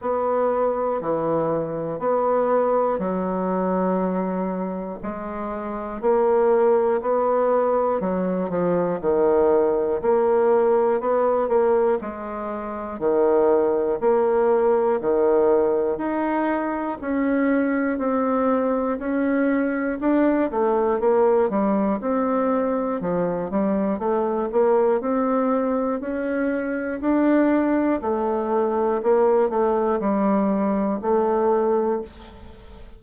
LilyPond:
\new Staff \with { instrumentName = "bassoon" } { \time 4/4 \tempo 4 = 60 b4 e4 b4 fis4~ | fis4 gis4 ais4 b4 | fis8 f8 dis4 ais4 b8 ais8 | gis4 dis4 ais4 dis4 |
dis'4 cis'4 c'4 cis'4 | d'8 a8 ais8 g8 c'4 f8 g8 | a8 ais8 c'4 cis'4 d'4 | a4 ais8 a8 g4 a4 | }